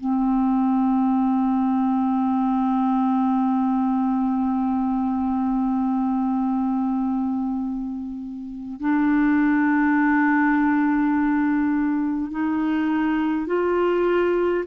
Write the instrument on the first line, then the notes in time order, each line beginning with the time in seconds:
clarinet
0.00 C4
8.80 D4
12.31 D#4
13.47 F4